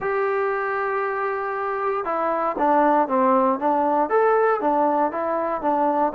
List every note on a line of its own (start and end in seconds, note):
0.00 2.04 G4
2.04 2.56 E4
2.58 3.08 D4
3.08 3.59 C4
3.59 4.09 D4
4.09 4.60 A4
4.60 5.11 D4
5.11 5.61 E4
5.61 6.13 D4